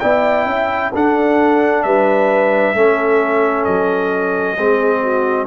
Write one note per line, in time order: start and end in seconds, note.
0.00 0.46 B3
0.00 0.92 E4
0.00 0.47 D5
0.00 0.91 G5
0.46 0.91 C#4
0.46 0.92 E5
0.94 1.84 D4
0.94 2.75 D4
0.94 1.85 A4
0.94 1.83 F#5
1.83 2.74 G3
1.83 2.76 B4
1.83 3.64 E5
2.74 3.65 A3
2.74 4.57 C#4
2.74 4.59 A4
3.64 4.57 F#3
3.64 5.46 D#5
4.57 5.47 G#3
4.57 5.47 C4
4.57 5.02 G#4
5.02 5.47 F#4